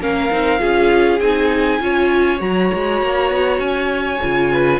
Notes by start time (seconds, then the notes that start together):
0.00 A#3 C#4 A#4 F5
0.32 C4 D#4
0.59 C#4 F4 G#4
1.21 C4 D#4 G#5
1.81 C#4 F4 C#5
2.39 F#3 F#4 A#5
2.74 G#3
3.03 A#3
3.31 B3
3.59 C#4 G#5
4.23 C#3 F4
4.53 B4